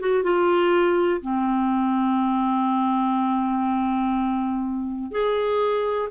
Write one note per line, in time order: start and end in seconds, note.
0.00 0.24 F#4
0.24 1.21 F4
1.22 5.12 C4
5.12 6.09 G#4